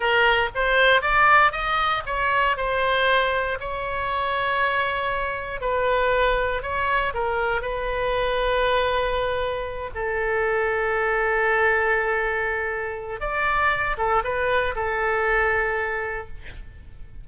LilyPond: \new Staff \with { instrumentName = "oboe" } { \time 4/4 \tempo 4 = 118 ais'4 c''4 d''4 dis''4 | cis''4 c''2 cis''4~ | cis''2. b'4~ | b'4 cis''4 ais'4 b'4~ |
b'2.~ b'8 a'8~ | a'1~ | a'2 d''4. a'8 | b'4 a'2. | }